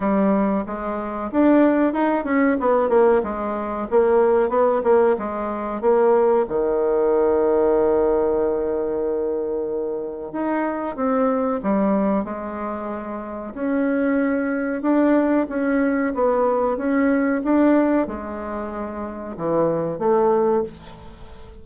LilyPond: \new Staff \with { instrumentName = "bassoon" } { \time 4/4 \tempo 4 = 93 g4 gis4 d'4 dis'8 cis'8 | b8 ais8 gis4 ais4 b8 ais8 | gis4 ais4 dis2~ | dis1 |
dis'4 c'4 g4 gis4~ | gis4 cis'2 d'4 | cis'4 b4 cis'4 d'4 | gis2 e4 a4 | }